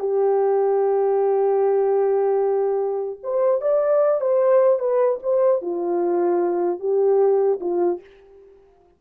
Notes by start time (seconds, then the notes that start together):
0.00 G4
3.24 C5
3.62 D5
4.21 C5
4.80 B4
5.23 C5
5.62 F4
6.80 G4
7.61 F4